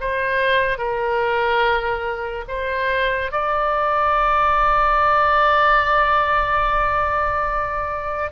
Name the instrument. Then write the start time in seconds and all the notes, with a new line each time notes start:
oboe
0.00 C5
0.78 A#4
2.48 C5
3.31 D5